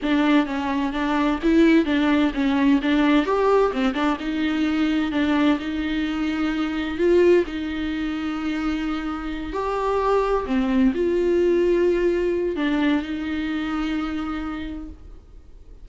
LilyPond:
\new Staff \with { instrumentName = "viola" } { \time 4/4 \tempo 4 = 129 d'4 cis'4 d'4 e'4 | d'4 cis'4 d'4 g'4 | c'8 d'8 dis'2 d'4 | dis'2. f'4 |
dis'1~ | dis'8 g'2 c'4 f'8~ | f'2. d'4 | dis'1 | }